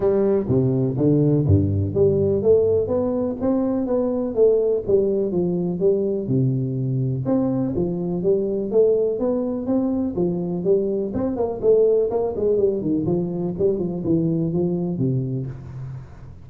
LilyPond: \new Staff \with { instrumentName = "tuba" } { \time 4/4 \tempo 4 = 124 g4 c4 d4 g,4 | g4 a4 b4 c'4 | b4 a4 g4 f4 | g4 c2 c'4 |
f4 g4 a4 b4 | c'4 f4 g4 c'8 ais8 | a4 ais8 gis8 g8 dis8 f4 | g8 f8 e4 f4 c4 | }